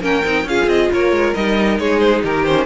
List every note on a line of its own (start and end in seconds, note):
0.00 0.22 A#3
0.00 0.23 C#4
0.00 0.45 A#4
0.00 0.48 G5
0.24 0.44 C4
0.24 0.46 D#4
0.44 0.66 C#4
0.44 1.35 F4
0.44 0.92 G#4
0.44 0.68 F5
0.66 0.89 C4
0.66 0.90 D#5
0.93 1.11 A#3
0.93 1.81 A#4
0.93 1.34 C#5
1.11 1.33 G#3
1.34 1.79 G3
1.34 2.45 D#4
1.34 1.78 D#5
1.78 2.23 G#3
1.78 2.23 G#4
1.78 2.00 C#5
2.00 2.22 C5
2.23 2.65 D#3
2.23 2.65 G4
2.23 2.45 A#4
2.45 2.65 C#4
2.45 2.65 C5